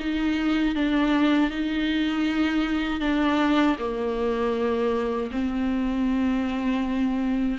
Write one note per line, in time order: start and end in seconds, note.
0.00 0.76 D#4
0.76 1.51 D4
1.51 3.01 D#4
3.01 3.77 D4
3.79 5.31 A#3
5.32 7.59 C4